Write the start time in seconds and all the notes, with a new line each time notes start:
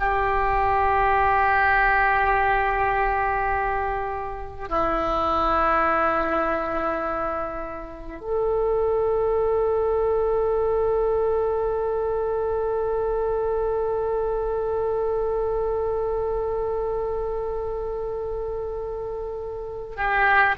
0.00 G4
4.69 E4
8.21 A4
19.97 G4